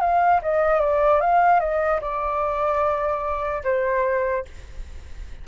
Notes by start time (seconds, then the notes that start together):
0.00 F5
0.42 D#5
0.80 D5
1.21 F5
1.60 D#5
2.01 D5
3.64 C5